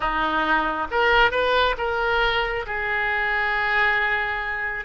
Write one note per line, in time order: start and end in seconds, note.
0.00 0.87 D#4
0.90 1.31 A#4
1.31 1.75 B4
1.77 2.65 A#4
2.66 4.85 G#4